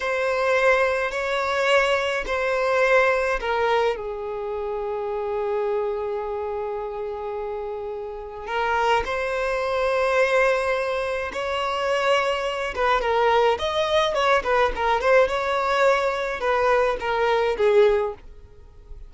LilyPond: \new Staff \with { instrumentName = "violin" } { \time 4/4 \tempo 4 = 106 c''2 cis''2 | c''2 ais'4 gis'4~ | gis'1~ | gis'2. ais'4 |
c''1 | cis''2~ cis''8 b'8 ais'4 | dis''4 cis''8 b'8 ais'8 c''8 cis''4~ | cis''4 b'4 ais'4 gis'4 | }